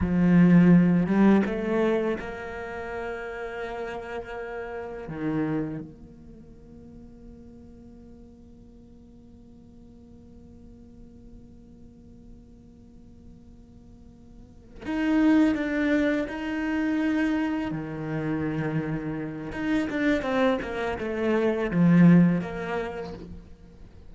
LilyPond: \new Staff \with { instrumentName = "cello" } { \time 4/4 \tempo 4 = 83 f4. g8 a4 ais4~ | ais2. dis4 | ais1~ | ais1~ |
ais1~ | ais8 dis'4 d'4 dis'4.~ | dis'8 dis2~ dis8 dis'8 d'8 | c'8 ais8 a4 f4 ais4 | }